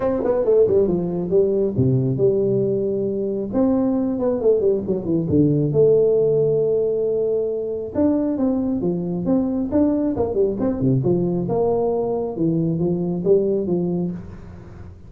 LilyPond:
\new Staff \with { instrumentName = "tuba" } { \time 4/4 \tempo 4 = 136 c'8 b8 a8 g8 f4 g4 | c4 g2. | c'4. b8 a8 g8 fis8 e8 | d4 a2.~ |
a2 d'4 c'4 | f4 c'4 d'4 ais8 g8 | c'8 c8 f4 ais2 | e4 f4 g4 f4 | }